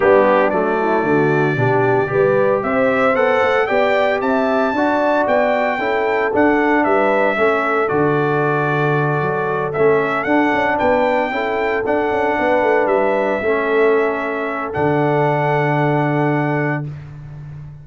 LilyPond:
<<
  \new Staff \with { instrumentName = "trumpet" } { \time 4/4 \tempo 4 = 114 g'4 d''2.~ | d''4 e''4 fis''4 g''4 | a''2 g''2 | fis''4 e''2 d''4~ |
d''2~ d''8 e''4 fis''8~ | fis''8 g''2 fis''4.~ | fis''8 e''2.~ e''8 | fis''1 | }
  \new Staff \with { instrumentName = "horn" } { \time 4/4 d'4. e'8 fis'4 g'4 | b'4 c''2 d''4 | e''4 d''2 a'4~ | a'4 b'4 a'2~ |
a'1~ | a'8 b'4 a'2 b'8~ | b'4. a'2~ a'8~ | a'1 | }
  \new Staff \with { instrumentName = "trombone" } { \time 4/4 b4 a2 d'4 | g'2 a'4 g'4~ | g'4 fis'2 e'4 | d'2 cis'4 fis'4~ |
fis'2~ fis'8 cis'4 d'8~ | d'4. e'4 d'4.~ | d'4. cis'2~ cis'8 | d'1 | }
  \new Staff \with { instrumentName = "tuba" } { \time 4/4 g4 fis4 d4 b,4 | g4 c'4 b8 a8 b4 | c'4 d'4 b4 cis'4 | d'4 g4 a4 d4~ |
d4. fis4 a4 d'8 | cis'8 b4 cis'4 d'8 cis'8 b8 | a8 g4 a2~ a8 | d1 | }
>>